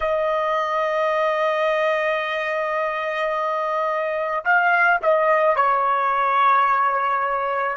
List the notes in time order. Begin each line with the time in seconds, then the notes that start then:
0.00 D#5
4.44 F5
5.02 D#5
5.56 C#5